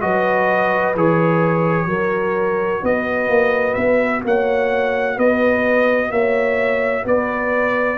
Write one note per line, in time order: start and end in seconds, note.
0.00 0.96 F#3
0.00 0.94 F#4
0.00 1.88 B4
0.00 0.94 D#5
0.96 1.86 E3
0.96 1.88 G#4
0.96 2.85 C#5
1.86 2.80 F#3
1.86 7.97 F#4
1.86 2.81 A#4
2.82 3.28 B3
2.82 4.25 B4
2.82 3.74 D#5
3.28 3.75 A#3
3.74 4.23 B3
3.74 4.21 E5
4.24 5.17 A#3
4.24 5.15 C#5
4.24 5.18 F#5
5.15 6.10 B3
5.15 6.09 B4
5.15 6.11 D#5
6.10 7.04 A#3
6.10 7.04 C#5
6.10 7.05 E5
7.04 7.98 B3
7.04 7.98 B4
7.04 7.98 D5